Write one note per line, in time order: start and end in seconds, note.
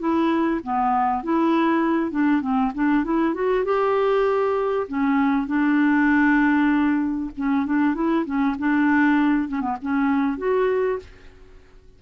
0.00 0.61 E4
0.63 1.24 B3
1.24 2.12 E4
2.12 2.42 D4
2.42 2.72 C4
2.75 3.05 D4
3.05 3.35 E4
3.35 3.65 F#4
3.65 4.88 G4
4.88 5.47 C#4
5.47 7.31 D4
7.37 7.66 C#4
7.66 7.95 D4
7.95 8.25 E4
8.26 8.56 C#4
8.59 9.49 D4
9.49 9.61 C#4
9.61 9.77 B3
9.82 10.38 C#4
10.38 11.00 F#4